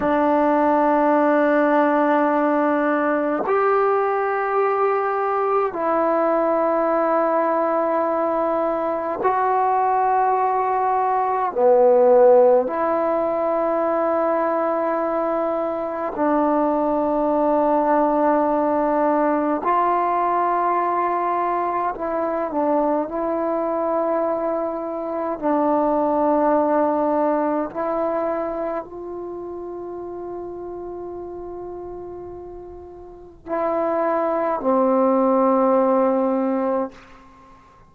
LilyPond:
\new Staff \with { instrumentName = "trombone" } { \time 4/4 \tempo 4 = 52 d'2. g'4~ | g'4 e'2. | fis'2 b4 e'4~ | e'2 d'2~ |
d'4 f'2 e'8 d'8 | e'2 d'2 | e'4 f'2.~ | f'4 e'4 c'2 | }